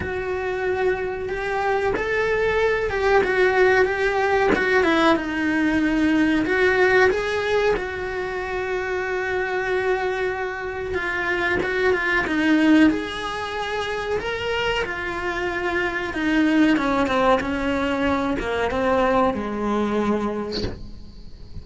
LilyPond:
\new Staff \with { instrumentName = "cello" } { \time 4/4 \tempo 4 = 93 fis'2 g'4 a'4~ | a'8 g'8 fis'4 g'4 fis'8 e'8 | dis'2 fis'4 gis'4 | fis'1~ |
fis'4 f'4 fis'8 f'8 dis'4 | gis'2 ais'4 f'4~ | f'4 dis'4 cis'8 c'8 cis'4~ | cis'8 ais8 c'4 gis2 | }